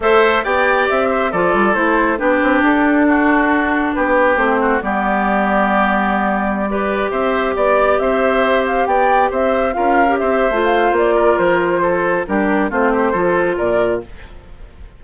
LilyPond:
<<
  \new Staff \with { instrumentName = "flute" } { \time 4/4 \tempo 4 = 137 e''4 g''4 e''4 d''4 | c''4 b'4 a'2~ | a'4 b'4 c''4 d''4~ | d''1~ |
d''16 e''4 d''4 e''4. f''16~ | f''16 g''4 e''4 f''4 e''8.~ | e''16 f''8. d''4 c''2 | ais'4 c''2 d''4 | }
  \new Staff \with { instrumentName = "oboe" } { \time 4/4 c''4 d''4. c''8 a'4~ | a'4 g'2 fis'4~ | fis'4 g'4. fis'8 g'4~ | g'2.~ g'16 b'8.~ |
b'16 c''4 d''4 c''4.~ c''16~ | c''16 d''4 c''4 ais'4 c''8.~ | c''4. ais'4. a'4 | g'4 f'8 g'8 a'4 ais'4 | }
  \new Staff \with { instrumentName = "clarinet" } { \time 4/4 a'4 g'2 f'4 | e'4 d'2.~ | d'2 c'4 b4~ | b2.~ b16 g'8.~ |
g'1~ | g'2~ g'16 f'8. g'4 | f'1 | d'4 c'4 f'2 | }
  \new Staff \with { instrumentName = "bassoon" } { \time 4/4 a4 b4 c'4 f8 g8 | a4 b8 c'8 d'2~ | d'4 b4 a4 g4~ | g1~ |
g16 c'4 b4 c'4.~ c'16~ | c'16 b4 c'4 cis'4 c'8. | a4 ais4 f2 | g4 a4 f4 ais,4 | }
>>